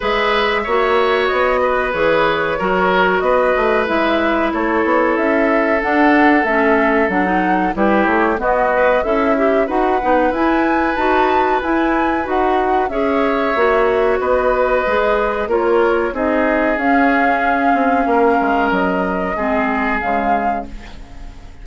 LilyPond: <<
  \new Staff \with { instrumentName = "flute" } { \time 4/4 \tempo 4 = 93 e''2 dis''4 cis''4~ | cis''4 dis''4 e''4 cis''4 | e''4 fis''4 e''4 fis''4 | b'8 cis''8 dis''4 e''4 fis''4 |
gis''4 a''4 gis''4 fis''4 | e''2 dis''2 | cis''4 dis''4 f''2~ | f''4 dis''2 f''4 | }
  \new Staff \with { instrumentName = "oboe" } { \time 4/4 b'4 cis''4. b'4. | ais'4 b'2 a'4~ | a'1 | g'4 fis'4 e'4 b'4~ |
b'1 | cis''2 b'2 | ais'4 gis'2. | ais'2 gis'2 | }
  \new Staff \with { instrumentName = "clarinet" } { \time 4/4 gis'4 fis'2 gis'4 | fis'2 e'2~ | e'4 d'4 cis'4 d'16 dis'8. | e'4 b8 b'8 a'8 g'8 fis'8 dis'8 |
e'4 fis'4 e'4 fis'4 | gis'4 fis'2 gis'4 | f'4 dis'4 cis'2~ | cis'2 c'4 gis4 | }
  \new Staff \with { instrumentName = "bassoon" } { \time 4/4 gis4 ais4 b4 e4 | fis4 b8 a8 gis4 a8 b8 | cis'4 d'4 a4 fis4 | g8 a8 b4 cis'4 dis'8 b8 |
e'4 dis'4 e'4 dis'4 | cis'4 ais4 b4 gis4 | ais4 c'4 cis'4. c'8 | ais8 gis8 fis4 gis4 cis4 | }
>>